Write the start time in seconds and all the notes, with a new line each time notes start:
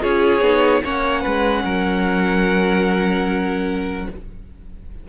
0.00 C#4 F4 G#4 C#5
0.41 B3 D#4
0.84 A#3 C#4 C#5 F#5
1.22 G#3 B4
1.64 F#3 A#4